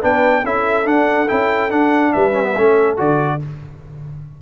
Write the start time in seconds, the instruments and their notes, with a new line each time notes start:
0.00 tuba B3, trombone D4, horn B4, trumpet G5
0.44 tuba C#4, trombone E4, horn A4, trumpet E5
0.85 trombone D4, tuba D4, trumpet F#5
1.28 tuba C#4, trombone E4, trumpet G5
1.70 trombone D4, tuba D4, trumpet F#5
2.13 tuba G3, horn B4, trumpet E5
2.33 trombone C#4
2.43 trombone B3
2.54 tuba A3, trombone C#4, horn A4
2.97 tuba D3, trombone F#4, trumpet D5